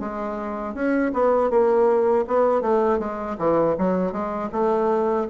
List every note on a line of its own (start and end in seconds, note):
0.00 0.74 G#3
0.74 1.12 C#4
1.14 1.50 B3
1.50 2.25 A#3
2.27 2.61 B3
2.61 2.99 A3
2.99 3.36 G#3
3.38 3.76 E3
3.78 4.12 F#3
4.12 4.50 G#3
4.52 5.27 A3